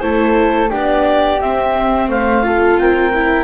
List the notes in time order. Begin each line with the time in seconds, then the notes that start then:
0.00 A3 E4 A4 C5
0.70 B3 D4 G4 D5
1.41 C4 E5
2.09 A3 C5 F5
2.44 F4 A4
2.77 C4 A#4 G5
3.15 E4